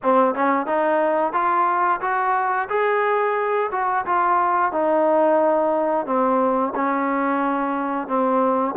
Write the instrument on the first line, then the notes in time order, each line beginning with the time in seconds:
trombone
0.02 C4
0.35 C#4
0.66 D#4
1.32 F4
2.00 F#4
2.69 G#4
3.71 F#4
4.05 F4
4.72 D#4
6.06 C4
6.75 C#4
8.07 C4